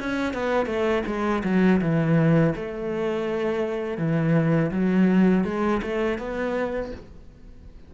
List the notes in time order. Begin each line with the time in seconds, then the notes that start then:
0.00 C#4
0.34 B3
0.67 A3
1.07 G#3
1.44 F#3
1.81 E3
2.56 A3
3.98 E3
4.71 F#3
5.45 G#3
5.83 A3
6.19 B3